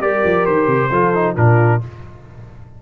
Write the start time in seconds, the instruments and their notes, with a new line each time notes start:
0.00 tuba G3, trombone G4, horn A#4, trumpet D5
0.24 tuba F3
0.46 tuba D#3, trumpet C5
0.67 tuba C3
0.91 tuba F3, trombone F4, horn A4
1.14 trombone D#4
1.36 tuba A#2, trombone D4, horn F4, trumpet A#4